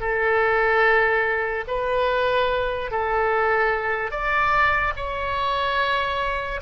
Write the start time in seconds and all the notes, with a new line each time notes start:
0.00 A4
1.67 B4
2.91 A4
4.11 D5
4.96 C#5